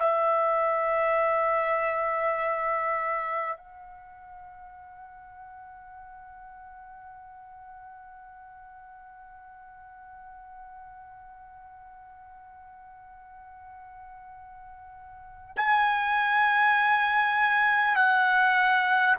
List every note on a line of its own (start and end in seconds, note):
0.00 3.57 E5
3.57 15.57 F#5
15.57 17.96 G#5
17.96 19.16 F#5